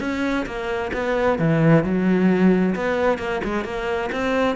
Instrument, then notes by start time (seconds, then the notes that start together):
cello
0.00 C#4
0.46 A#3
0.93 B3
1.39 E3
1.84 F#3
2.75 B3
3.18 A#3
3.44 G#3
3.64 A#3
4.12 C4